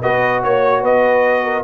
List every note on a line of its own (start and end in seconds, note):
0.00 0.43 B3
0.00 1.63 F#4
0.00 0.41 B4
0.00 0.42 D#5
0.41 0.82 A#3
0.41 0.81 C#5
0.41 0.84 C#5
0.81 1.63 B3
0.81 1.42 B4
0.81 1.63 D#5
1.43 1.63 A#4